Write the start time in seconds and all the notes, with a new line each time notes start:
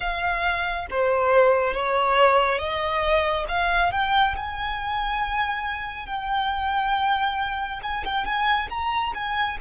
0.00 F5
0.90 C5
1.73 C#5
2.58 D#5
3.48 F5
3.91 G5
4.36 G#5
6.06 G5
7.82 G#5
8.04 G5
8.25 G#5
8.69 A#5
9.14 G#5